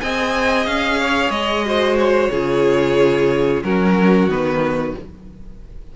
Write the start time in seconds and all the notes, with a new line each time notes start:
0.00 C4 G#4 D#5 G#5
0.65 C#4 F5
0.99 C#5
1.30 G#3 D#5
1.65 F#4 C5
1.98 C#5
2.30 C#3 F4 G#4
3.63 F#3 C#4 F#4 A#4
4.27 D#3 B3 B4